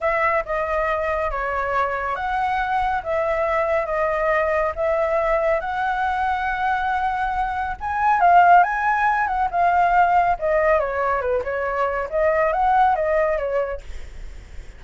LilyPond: \new Staff \with { instrumentName = "flute" } { \time 4/4 \tempo 4 = 139 e''4 dis''2 cis''4~ | cis''4 fis''2 e''4~ | e''4 dis''2 e''4~ | e''4 fis''2.~ |
fis''2 gis''4 f''4 | gis''4. fis''8 f''2 | dis''4 cis''4 b'8 cis''4. | dis''4 fis''4 dis''4 cis''4 | }